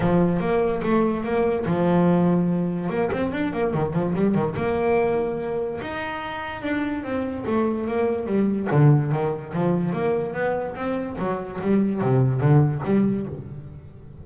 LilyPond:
\new Staff \with { instrumentName = "double bass" } { \time 4/4 \tempo 4 = 145 f4 ais4 a4 ais4 | f2. ais8 c'8 | d'8 ais8 dis8 f8 g8 dis8 ais4~ | ais2 dis'2 |
d'4 c'4 a4 ais4 | g4 d4 dis4 f4 | ais4 b4 c'4 fis4 | g4 c4 d4 g4 | }